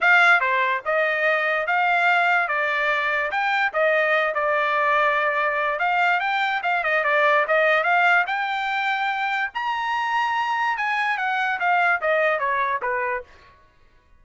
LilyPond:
\new Staff \with { instrumentName = "trumpet" } { \time 4/4 \tempo 4 = 145 f''4 c''4 dis''2 | f''2 d''2 | g''4 dis''4. d''4.~ | d''2 f''4 g''4 |
f''8 dis''8 d''4 dis''4 f''4 | g''2. ais''4~ | ais''2 gis''4 fis''4 | f''4 dis''4 cis''4 b'4 | }